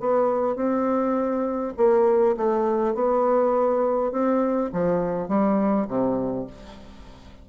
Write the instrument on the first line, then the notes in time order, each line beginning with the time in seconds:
bassoon
0.00 B3
0.56 C4
1.77 A#3
2.37 A3
2.95 B3
4.12 C4
4.73 F3
5.28 G3
5.88 C3